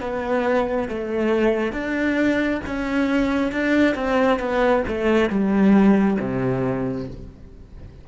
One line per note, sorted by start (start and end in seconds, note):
0.00 0.88 B3
0.88 1.72 A3
1.72 2.60 D4
2.66 3.51 C#4
3.51 3.95 D4
3.95 4.38 C4
4.38 4.82 B3
4.87 5.29 A3
5.29 6.17 G3
6.19 7.07 C3